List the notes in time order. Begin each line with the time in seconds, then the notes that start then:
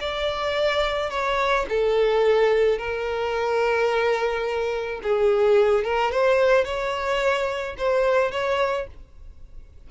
0.00 D5
1.10 C#5
1.69 A4
2.78 A#4
5.03 G#4
5.84 A#4
6.11 C5
6.65 C#5
7.78 C5
8.31 C#5